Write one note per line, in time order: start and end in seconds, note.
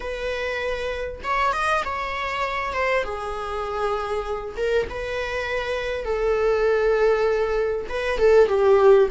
0.00 1.21 B4
1.23 1.52 C#5
1.52 1.83 D#5
1.84 2.73 C#5
2.73 3.03 C5
3.03 4.55 G#4
4.56 4.87 A#4
4.89 6.04 B4
6.04 7.86 A4
7.89 8.18 B4
8.18 8.48 A4
8.48 9.08 G4